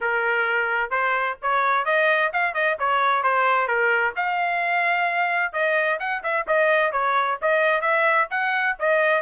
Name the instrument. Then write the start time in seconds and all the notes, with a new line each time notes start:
trumpet
0.01 A#4
0.90 C5
1.42 C#5
1.85 D#5
2.32 F5
2.54 D#5
2.79 C#5
3.23 C5
3.67 A#4
4.15 F5
5.52 D#5
5.99 F#5
6.23 E5
6.47 D#5
6.92 C#5
7.41 D#5
7.81 E5
8.30 F#5
8.79 D#5